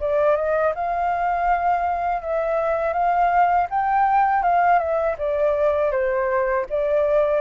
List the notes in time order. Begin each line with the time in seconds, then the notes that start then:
0.00 D5
0.36 D#5
0.75 F5
2.22 E5
2.93 F5
3.70 G5
4.43 F5
4.78 E5
5.18 D5
5.91 C5
6.69 D5